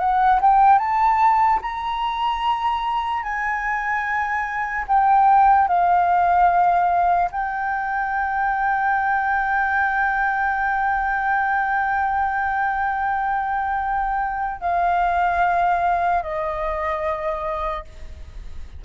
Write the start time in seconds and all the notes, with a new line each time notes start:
0.00 F#5
0.41 G5
0.79 A5
1.62 A#5
3.23 G#5
4.88 G5
5.68 F5
7.32 G5
14.61 F5
16.23 D#5